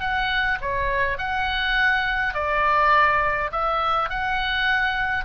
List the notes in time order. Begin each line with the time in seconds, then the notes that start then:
0.00 F#5
0.61 C#5
1.18 F#5
2.34 D5
3.52 E5
4.10 F#5